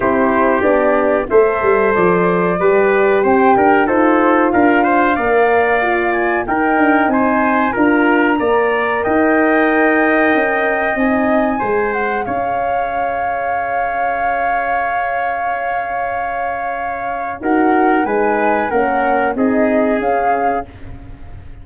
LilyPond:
<<
  \new Staff \with { instrumentName = "flute" } { \time 4/4 \tempo 4 = 93 c''4 d''4 e''4 d''4~ | d''4 g''4 c''4 f''4~ | f''4. gis''8 g''4 gis''4 | ais''2 g''2~ |
g''4 gis''4. fis''8 f''4~ | f''1~ | f''2. fis''4 | gis''4 fis''4 dis''4 f''4 | }
  \new Staff \with { instrumentName = "trumpet" } { \time 4/4 g'2 c''2 | b'4 c''8 ais'8 a'4 ais'8 c''8 | d''2 ais'4 c''4 | ais'4 d''4 dis''2~ |
dis''2 c''4 cis''4~ | cis''1~ | cis''2. ais'4 | b'4 ais'4 gis'2 | }
  \new Staff \with { instrumentName = "horn" } { \time 4/4 e'4 d'4 a'2 | g'2 f'2 | ais'4 f'4 dis'2 | f'4 ais'2.~ |
ais'4 dis'4 gis'2~ | gis'1~ | gis'2. fis'4 | dis'4 cis'4 dis'4 cis'4 | }
  \new Staff \with { instrumentName = "tuba" } { \time 4/4 c'4 b4 a8 g8 f4 | g4 c'8 d'8 dis'4 d'4 | ais2 dis'8 d'8 c'4 | d'4 ais4 dis'2 |
cis'4 c'4 gis4 cis'4~ | cis'1~ | cis'2. dis'4 | gis4 ais4 c'4 cis'4 | }
>>